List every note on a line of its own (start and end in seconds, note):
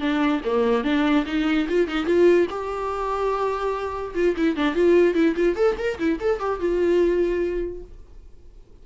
0.00 0.41 D4
0.45 0.84 A#3
0.84 1.25 D4
1.26 1.67 D#4
1.69 1.87 F4
1.87 2.05 D#4
2.05 2.47 F4
2.50 4.14 G4
4.15 4.35 F4
4.37 4.56 E4
4.56 4.75 D4
4.75 5.14 F4
5.14 5.35 E4
5.36 5.56 F4
5.56 5.76 A4
5.78 5.99 A#4
5.99 6.19 E4
6.20 6.40 A4
6.40 6.59 G4
6.59 7.83 F4